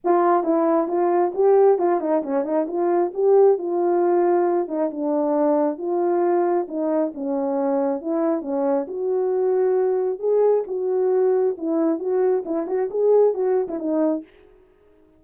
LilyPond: \new Staff \with { instrumentName = "horn" } { \time 4/4 \tempo 4 = 135 f'4 e'4 f'4 g'4 | f'8 dis'8 cis'8 dis'8 f'4 g'4 | f'2~ f'8 dis'8 d'4~ | d'4 f'2 dis'4 |
cis'2 e'4 cis'4 | fis'2. gis'4 | fis'2 e'4 fis'4 | e'8 fis'8 gis'4 fis'8. e'16 dis'4 | }